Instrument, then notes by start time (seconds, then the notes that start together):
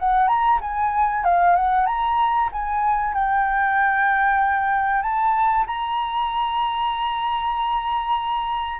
flute
0.00 F#5
0.28 A#5
0.61 G#5
1.25 F5
1.56 F#5
1.87 A#5
2.53 G#5
3.14 G5
5.03 A5
5.67 A#5